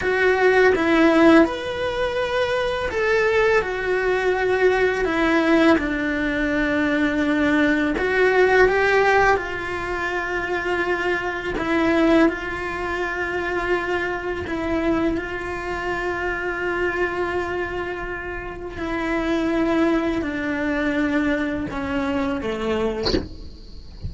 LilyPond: \new Staff \with { instrumentName = "cello" } { \time 4/4 \tempo 4 = 83 fis'4 e'4 b'2 | a'4 fis'2 e'4 | d'2. fis'4 | g'4 f'2. |
e'4 f'2. | e'4 f'2.~ | f'2 e'2 | d'2 cis'4 a4 | }